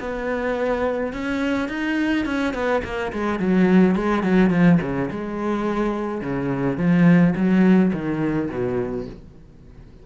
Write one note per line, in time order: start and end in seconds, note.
0.00 1.13 B3
1.13 1.69 C#4
1.69 2.26 D#4
2.26 2.54 C#4
2.54 2.83 B3
2.84 3.12 A#3
3.13 3.40 G#3
3.40 3.96 F#3
3.96 4.23 G#3
4.23 4.51 F#3
4.51 4.79 F3
4.82 5.10 C#3
5.11 6.22 G#3
6.22 6.78 C#3
6.78 7.35 F3
7.36 7.93 F#3
7.93 8.50 D#3
8.50 9.07 B2